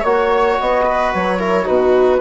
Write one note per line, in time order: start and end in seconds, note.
0.00 0.58 A#3
0.00 1.39 F#4
0.00 0.81 C#5
0.00 0.58 C#5
0.59 1.14 B3
0.59 1.13 D#5
0.85 1.39 B4
1.13 1.67 F#3
1.13 1.67 C#5
1.39 1.64 E4
1.39 1.64 A#4
1.64 2.21 B2
1.64 2.18 D#4
1.64 2.18 F#4
1.64 2.21 B4